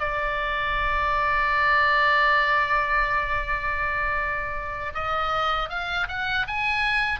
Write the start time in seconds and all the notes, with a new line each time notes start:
0.00 D5
4.95 D#5
5.70 F5
6.08 F#5
6.48 G#5